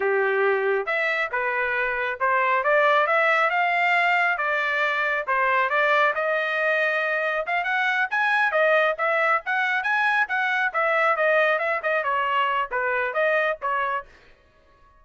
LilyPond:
\new Staff \with { instrumentName = "trumpet" } { \time 4/4 \tempo 4 = 137 g'2 e''4 b'4~ | b'4 c''4 d''4 e''4 | f''2 d''2 | c''4 d''4 dis''2~ |
dis''4 f''8 fis''4 gis''4 dis''8~ | dis''8 e''4 fis''4 gis''4 fis''8~ | fis''8 e''4 dis''4 e''8 dis''8 cis''8~ | cis''4 b'4 dis''4 cis''4 | }